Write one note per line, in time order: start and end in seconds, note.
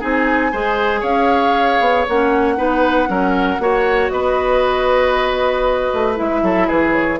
0.00 0.53 C4
0.00 0.52 D#4
0.00 0.51 G#4
0.00 1.03 G#5
0.52 1.03 G#3
0.52 2.07 G#4
0.52 1.00 C5
1.00 1.79 C#4
1.00 2.54 C#5
1.00 2.06 F5
1.80 2.05 B3
2.08 2.58 A#3
2.08 2.56 C#4
2.08 4.09 F#5
2.56 3.09 B3
2.56 3.07 D#4
2.56 3.09 B4
3.07 3.59 F#3
3.07 3.58 C#4
3.07 3.62 A#4
3.59 4.10 A#3
3.59 6.16 F#4
3.59 4.12 C#5
4.09 5.91 B3
4.09 6.43 B4
4.09 6.15 D#5
5.93 6.19 A3
6.16 6.43 G#3
6.16 7.18 E4
6.16 6.68 E5
6.43 6.68 F#3
6.43 6.67 A4
6.67 7.19 E3
6.67 7.19 G#4
6.67 6.93 B4
6.93 7.19 C#5